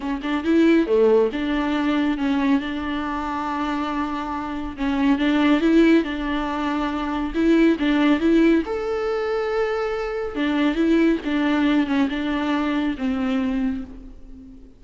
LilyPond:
\new Staff \with { instrumentName = "viola" } { \time 4/4 \tempo 4 = 139 cis'8 d'8 e'4 a4 d'4~ | d'4 cis'4 d'2~ | d'2. cis'4 | d'4 e'4 d'2~ |
d'4 e'4 d'4 e'4 | a'1 | d'4 e'4 d'4. cis'8 | d'2 c'2 | }